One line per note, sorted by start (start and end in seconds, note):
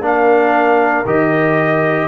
0.00 1.03 A#3
0.00 1.05 D4
0.00 2.08 A#4
0.00 1.07 F5
1.05 2.08 D#3
1.05 2.08 G4
1.05 2.08 D#5